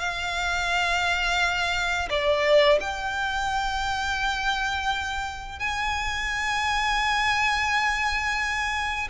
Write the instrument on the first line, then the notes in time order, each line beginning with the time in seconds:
violin
0.00 F5
2.10 D5
2.81 G5
5.60 G#5